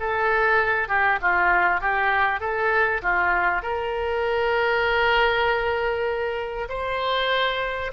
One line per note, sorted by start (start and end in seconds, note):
0.00 0.89 A4
0.89 1.19 G4
1.22 1.81 F4
1.81 2.41 G4
2.41 3.02 A4
3.03 3.63 F4
3.63 6.69 A#4
6.70 7.92 C5